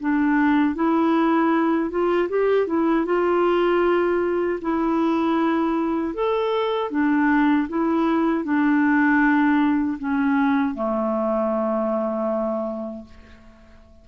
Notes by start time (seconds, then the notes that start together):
0.00 D4
0.75 E4
1.90 F4
2.29 G4
2.67 E4
3.05 F4
4.61 E4
6.14 A4
6.91 D4
7.68 E4
8.44 D4
9.99 C#4
10.74 A3